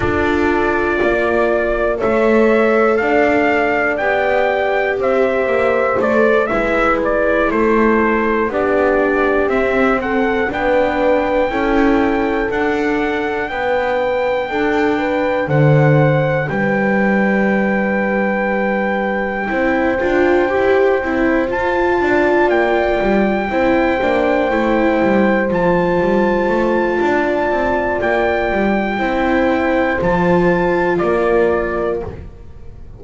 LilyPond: <<
  \new Staff \with { instrumentName = "trumpet" } { \time 4/4 \tempo 4 = 60 d''2 e''4 f''4 | g''4 e''4 d''8 e''8 d''8 c''8~ | c''8 d''4 e''8 fis''8 g''4.~ | g''8 fis''4 g''2 fis''8~ |
fis''8 g''2.~ g''8~ | g''4. a''4 g''4.~ | g''4. a''2~ a''8 | g''2 a''4 d''4 | }
  \new Staff \with { instrumentName = "horn" } { \time 4/4 a'4 d''4 cis''4 d''4~ | d''4 c''4. b'4 a'8~ | a'8 g'4. a'8 b'4 a'8~ | a'4. b'4 a'8 b'8 c''8~ |
c''8 b'2. c''8~ | c''2 d''4. c''8~ | c''2. d''4~ | d''4 c''2 ais'4 | }
  \new Staff \with { instrumentName = "viola" } { \time 4/4 f'2 a'2 | g'2 a'8 e'4.~ | e'8 d'4 c'4 d'4 e'8~ | e'8 d'2.~ d'8~ |
d'2.~ d'8 e'8 | f'8 g'8 e'8 f'2 e'8 | d'8 e'4 f'2~ f'8~ | f'4 e'4 f'2 | }
  \new Staff \with { instrumentName = "double bass" } { \time 4/4 d'4 ais4 a4 d'4 | b4 c'8 ais8 a8 gis4 a8~ | a8 b4 c'4 b4 cis'8~ | cis'8 d'4 b4 d'4 d8~ |
d8 g2. c'8 | d'8 e'8 c'8 f'8 d'8 ais8 g8 c'8 | ais8 a8 g8 f8 g8 a8 d'8 c'8 | ais8 g8 c'4 f4 ais4 | }
>>